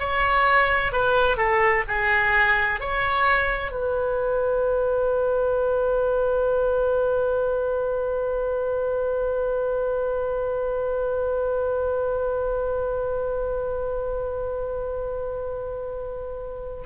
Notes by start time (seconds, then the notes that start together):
0.00 C#5
0.92 B4
1.37 A4
1.88 G#4
2.81 C#5
3.72 B4